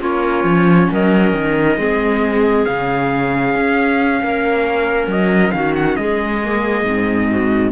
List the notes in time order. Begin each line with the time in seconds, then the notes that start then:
0.00 A#3 C#4 F4 C#5
0.44 F3
0.90 F#3 A#4 D#5
1.33 D#3
1.77 G#3 C4 G#4
2.65 C#3 C#4 F5
3.55 C#4
4.22 A#3 A#4
5.07 F#3 D#5
5.51 D#3 F#4 F5
5.75 F#5
5.96 G#3 G#4 D#5
6.44 A#3
6.84 G#2 C4
7.30 F#4